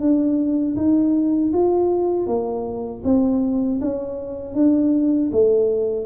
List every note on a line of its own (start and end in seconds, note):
0.00 0.76 D4
0.76 1.52 D#4
1.53 2.26 F4
2.26 3.02 A#3
3.04 3.80 C4
3.81 4.54 C#4
4.54 5.30 D4
5.32 6.06 A3